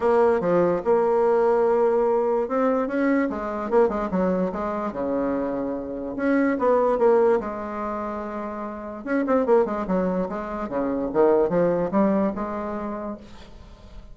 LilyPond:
\new Staff \with { instrumentName = "bassoon" } { \time 4/4 \tempo 4 = 146 ais4 f4 ais2~ | ais2 c'4 cis'4 | gis4 ais8 gis8 fis4 gis4 | cis2. cis'4 |
b4 ais4 gis2~ | gis2 cis'8 c'8 ais8 gis8 | fis4 gis4 cis4 dis4 | f4 g4 gis2 | }